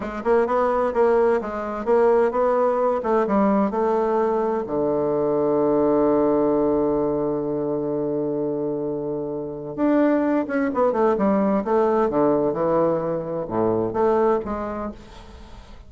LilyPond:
\new Staff \with { instrumentName = "bassoon" } { \time 4/4 \tempo 4 = 129 gis8 ais8 b4 ais4 gis4 | ais4 b4. a8 g4 | a2 d2~ | d1~ |
d1~ | d4 d'4. cis'8 b8 a8 | g4 a4 d4 e4~ | e4 a,4 a4 gis4 | }